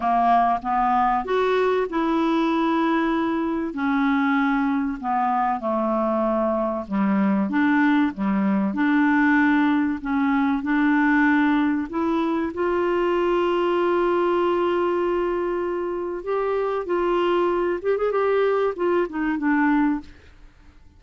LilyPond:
\new Staff \with { instrumentName = "clarinet" } { \time 4/4 \tempo 4 = 96 ais4 b4 fis'4 e'4~ | e'2 cis'2 | b4 a2 g4 | d'4 g4 d'2 |
cis'4 d'2 e'4 | f'1~ | f'2 g'4 f'4~ | f'8 g'16 gis'16 g'4 f'8 dis'8 d'4 | }